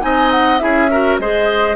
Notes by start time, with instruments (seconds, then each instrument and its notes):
0.00 bassoon C4, clarinet D#4, oboe D#5, flute G#5
0.31 flute F#5
0.58 bassoon C#4, clarinet E4, oboe G#4, flute E5
0.90 clarinet F#4, oboe A#4
1.18 bassoon G#3, clarinet G#4, oboe C5, flute D#5